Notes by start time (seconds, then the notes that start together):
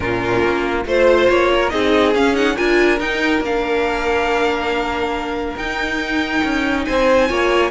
0.00 A#2 C#4 F4 A#4
0.42 A#3
0.85 A3 F4 C5
1.29 A#3 C#5
1.54 A#4
1.69 C4 D#4 G#4 D#5
2.14 C#4 F5
2.34 D#4 F#5
2.55 D4 F4 A#4 G#5
2.99 D#4 G5
3.40 A#3 D4 F5
5.56 D#4 G5
6.43 C#4
6.84 C4 C5 G#5
7.28 A#3 F4 C#5